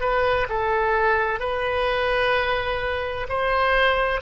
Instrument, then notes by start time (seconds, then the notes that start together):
oboe
0.00 B4
0.49 A4
1.39 B4
3.29 C5